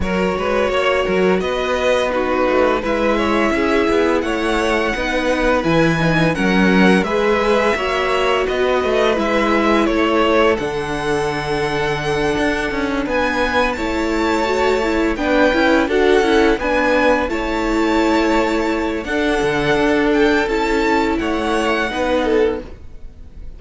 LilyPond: <<
  \new Staff \with { instrumentName = "violin" } { \time 4/4 \tempo 4 = 85 cis''2 dis''4 b'4 | e''2 fis''2 | gis''4 fis''4 e''2 | dis''4 e''4 cis''4 fis''4~ |
fis''2~ fis''8 gis''4 a''8~ | a''4. g''4 fis''4 gis''8~ | gis''8 a''2~ a''8 fis''4~ | fis''8 g''8 a''4 fis''2 | }
  \new Staff \with { instrumentName = "violin" } { \time 4/4 ais'8 b'8 cis''8 ais'8 b'4 fis'4 | b'8 cis''8 gis'4 cis''4 b'4~ | b'4 ais'4 b'4 cis''4 | b'2 a'2~ |
a'2~ a'8 b'4 cis''8~ | cis''4. b'4 a'4 b'8~ | b'8 cis''2~ cis''8 a'4~ | a'2 cis''4 b'8 a'8 | }
  \new Staff \with { instrumentName = "viola" } { \time 4/4 fis'2. dis'4 | e'2. dis'4 | e'8 dis'8 cis'4 gis'4 fis'4~ | fis'4 e'2 d'4~ |
d'2.~ d'8 e'8~ | e'8 fis'8 e'8 d'8 e'8 fis'8 e'8 d'8~ | d'8 e'2~ e'8 d'4~ | d'4 e'2 dis'4 | }
  \new Staff \with { instrumentName = "cello" } { \time 4/4 fis8 gis8 ais8 fis8 b4. a8 | gis4 cis'8 b8 a4 b4 | e4 fis4 gis4 ais4 | b8 a8 gis4 a4 d4~ |
d4. d'8 cis'8 b4 a8~ | a4. b8 cis'8 d'8 cis'8 b8~ | b8 a2~ a8 d'8 d8 | d'4 cis'4 a4 b4 | }
>>